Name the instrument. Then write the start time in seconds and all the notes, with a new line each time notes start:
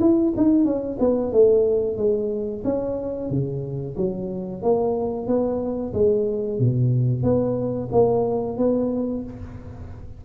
tuba
0.00 E4
0.36 D#4
0.64 C#4
0.99 B3
1.32 A3
1.97 G#3
2.64 C#4
3.30 C#3
3.97 F#3
4.62 A#3
5.27 B3
5.93 G#3
6.59 B2
7.23 B3
7.92 A#3
8.57 B3